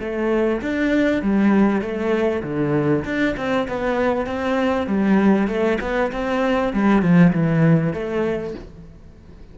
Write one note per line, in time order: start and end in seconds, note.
0.00 0.61 A3
0.62 1.22 D4
1.22 1.82 G3
1.82 2.43 A3
2.43 3.04 D3
3.05 3.36 D4
3.37 3.68 C4
3.68 4.26 B3
4.26 4.87 C4
4.87 5.48 G3
5.48 5.78 A3
5.81 6.12 B3
6.12 6.73 C4
6.73 7.02 G3
7.02 7.33 F3
7.33 7.93 E3
7.93 8.54 A3